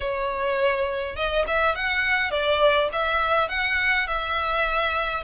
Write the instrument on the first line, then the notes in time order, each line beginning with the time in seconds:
violin
0.00 C#5
1.16 D#5
1.47 E5
1.75 F#5
2.31 D5
2.92 E5
3.48 F#5
4.07 E5